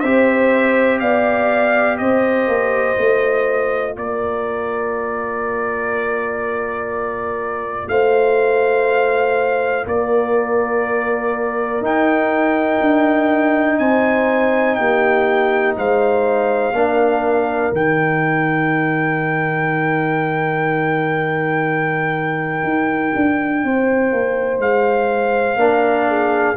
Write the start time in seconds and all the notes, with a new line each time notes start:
0.00 C4 G4 C5 E5
0.99 B3 D5 F5
1.98 C4 C5 D#5
2.47 A#3
2.95 A3 F4
3.96 A#3 A#4 D5
7.88 A3 C5 F5
9.86 A#3 A#4 D5
11.81 D#4 G5
12.81 D4
13.78 C4 C5 G#5
14.75 A#3 G4 G5
15.77 G#3 C5 F5
16.72 A#3 D4 A#4
17.72 D#3 D#4 G5
22.63 D#4
23.15 D4
23.64 C4 C5
24.11 A#3
24.58 G#3 F5
25.56 A#3 D4 A#4
26.08 G#4